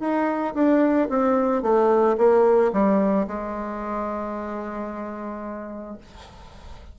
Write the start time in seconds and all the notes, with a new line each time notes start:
0.00 D#4
0.54 D4
1.09 C4
1.62 A3
2.17 A#3
2.73 G3
3.27 G#3